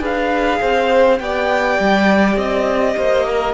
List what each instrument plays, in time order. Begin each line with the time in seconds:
0.00 cello D4, viola G#4, violin B4 F5
0.61 cello C4, violin C5
1.20 cello B3, viola G4, violin D5 G5
1.80 cello G3
2.37 cello C4, violin D#5
2.97 cello A#3, violin C5
3.28 violin A#4